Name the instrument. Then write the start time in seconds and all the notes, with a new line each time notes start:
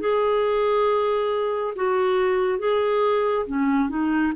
clarinet
0.00 G#4
1.76 F#4
2.59 G#4
3.46 C#4
3.89 D#4